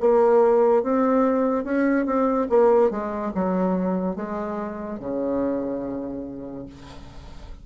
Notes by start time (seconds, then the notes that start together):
0.00 A#3
0.83 C4
1.64 C#4
2.05 C4
2.49 A#3
2.91 G#3
3.34 F#3
4.16 G#3
4.99 C#3